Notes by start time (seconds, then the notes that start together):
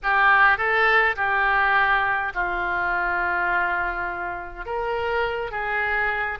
0.03 G4
0.57 A4
1.16 G4
2.34 F4
4.65 A#4
5.51 G#4